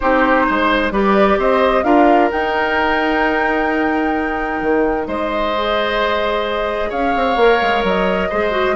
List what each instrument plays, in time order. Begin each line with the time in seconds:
0.00 bassoon C4, clarinet D#4, oboe G4, flute C5
0.46 bassoon G#3, oboe C5
0.91 bassoon G3, clarinet G4, oboe B4, flute D5
1.37 bassoon C4, oboe C5, flute D#5
1.83 bassoon D4, clarinet F4, oboe A#4, flute F5
2.31 bassoon D#4, clarinet D#4, flute G5
4.62 bassoon D#3
5.07 bassoon G#3, oboe C5, flute D#5
5.54 clarinet G#4
6.89 bassoon C#4, oboe C#5, flute F5
7.15 bassoon C4
7.36 bassoon A#3, clarinet A#4
7.61 bassoon G#3
7.83 bassoon F#3, flute D#5
8.29 bassoon G#3, clarinet G#4, oboe C5
8.51 clarinet F#4